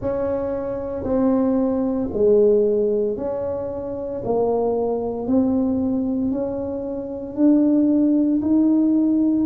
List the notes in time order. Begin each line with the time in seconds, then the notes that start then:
0.00 C#4
1.03 C4
2.13 G#3
3.16 C#4
4.24 A#3
5.27 C4
6.31 C#4
7.35 D4
8.41 D#4